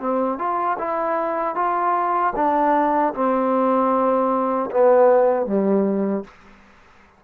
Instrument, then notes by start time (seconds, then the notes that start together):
trombone
0.00 C4
0.39 F4
0.79 E4
1.55 F4
2.36 D4
3.14 C4
4.71 B3
5.46 G3